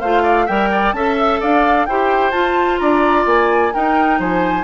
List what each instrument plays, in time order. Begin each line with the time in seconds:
0.00 bassoon A3, clarinet F4, oboe C5, flute F5
0.23 oboe D5
0.46 bassoon G3, clarinet A#4, oboe E5, flute G5
0.72 oboe D5
0.93 bassoon C#4, clarinet A4, oboe E5, flute A5
1.18 flute E5
1.40 bassoon D4, oboe D5, flute F5
1.86 bassoon E4, clarinet G4, oboe C5, flute G5
2.31 bassoon F4, clarinet F4, flute A5
2.78 bassoon D4, oboe D5, flute A#5
3.26 bassoon A#3, flute G#5
3.73 clarinet D#4, bassoon D#4, oboe A#4, flute G5
4.19 bassoon F3, oboe C5, flute G#5